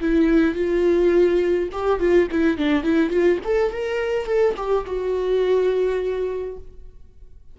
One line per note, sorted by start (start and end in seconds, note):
0.00 0.55 E4
0.55 1.69 F4
1.71 1.99 G4
1.99 2.28 F4
2.31 2.57 E4
2.57 2.83 D4
2.83 3.10 E4
3.10 3.38 F4
3.44 3.71 A4
3.71 4.25 A#4
4.25 4.54 A4
4.56 4.85 G4
4.85 6.57 F#4